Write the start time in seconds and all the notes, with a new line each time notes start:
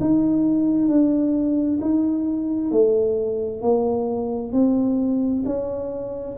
0.00 D#4
0.88 D4
1.81 D#4
2.71 A3
3.61 A#3
4.52 C4
5.45 C#4